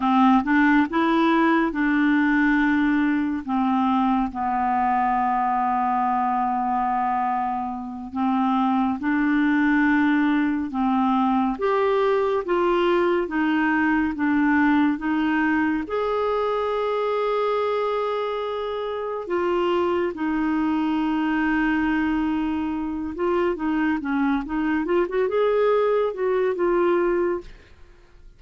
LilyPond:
\new Staff \with { instrumentName = "clarinet" } { \time 4/4 \tempo 4 = 70 c'8 d'8 e'4 d'2 | c'4 b2.~ | b4. c'4 d'4.~ | d'8 c'4 g'4 f'4 dis'8~ |
dis'8 d'4 dis'4 gis'4.~ | gis'2~ gis'8 f'4 dis'8~ | dis'2. f'8 dis'8 | cis'8 dis'8 f'16 fis'16 gis'4 fis'8 f'4 | }